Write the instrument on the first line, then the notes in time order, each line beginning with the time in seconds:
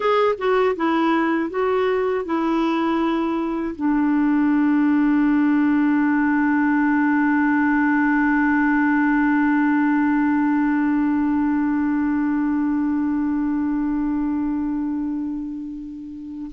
clarinet
0.00 G#4
0.38 F#4
0.76 E4
1.50 F#4
2.25 E4
3.75 D4